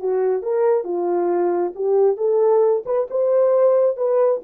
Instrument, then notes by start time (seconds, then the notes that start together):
horn
0.00 F#4
0.43 A#4
0.84 F4
1.76 G4
2.17 A4
2.86 B4
3.11 C5
3.97 B4